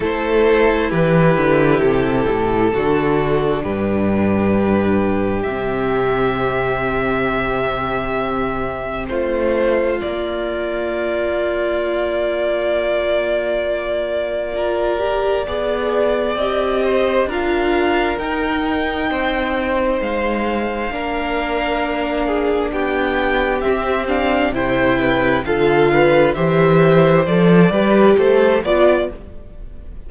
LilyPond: <<
  \new Staff \with { instrumentName = "violin" } { \time 4/4 \tempo 4 = 66 c''4 b'4 a'2 | b'2 e''2~ | e''2 c''4 d''4~ | d''1~ |
d''2 dis''4 f''4 | g''2 f''2~ | f''4 g''4 e''8 f''8 g''4 | f''4 e''4 d''4 c''8 d''8 | }
  \new Staff \with { instrumentName = "violin" } { \time 4/4 a'4 g'2 fis'4 | g'1~ | g'2 f'2~ | f'1 |
ais'4 d''4. c''8 ais'4~ | ais'4 c''2 ais'4~ | ais'8 gis'8 g'2 c''8 b'8 | a'8 b'8 c''4. b'8 a'8 d''8 | }
  \new Staff \with { instrumentName = "viola" } { \time 4/4 e'2. d'4~ | d'2 c'2~ | c'2. ais4~ | ais1 |
f'8 g'8 gis'4 g'4 f'4 | dis'2. d'4~ | d'2 c'8 d'8 e'4 | f'4 g'4 a'8 g'4 f'8 | }
  \new Staff \with { instrumentName = "cello" } { \time 4/4 a4 e8 d8 c8 a,8 d4 | g,2 c2~ | c2 a4 ais4~ | ais1~ |
ais4 b4 c'4 d'4 | dis'4 c'4 gis4 ais4~ | ais4 b4 c'4 c4 | d4 e4 f8 g8 a8 b8 | }
>>